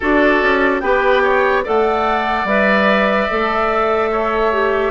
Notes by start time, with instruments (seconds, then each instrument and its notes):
0.00 bassoon D4, clarinet F#4, oboe A4, flute D5
0.42 bassoon C#4
0.79 bassoon B3, clarinet G4, oboe B4, flute G5
1.22 oboe C#5
1.64 bassoon A3, clarinet A4, oboe D5, flute F#5
2.44 bassoon G3, clarinet B4, flute E5
3.30 bassoon A3, clarinet A4
4.11 oboe C#5
4.52 clarinet G4